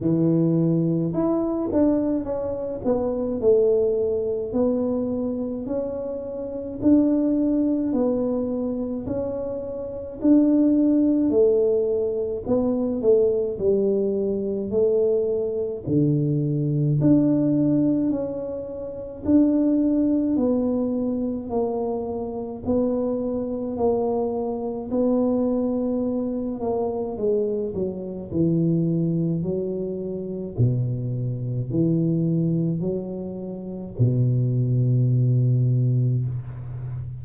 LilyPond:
\new Staff \with { instrumentName = "tuba" } { \time 4/4 \tempo 4 = 53 e4 e'8 d'8 cis'8 b8 a4 | b4 cis'4 d'4 b4 | cis'4 d'4 a4 b8 a8 | g4 a4 d4 d'4 |
cis'4 d'4 b4 ais4 | b4 ais4 b4. ais8 | gis8 fis8 e4 fis4 b,4 | e4 fis4 b,2 | }